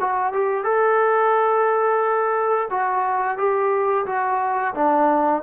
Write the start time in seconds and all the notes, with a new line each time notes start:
0.00 F#4
0.33 G4
0.64 A4
2.71 F#4
3.38 G4
4.06 F#4
4.75 D4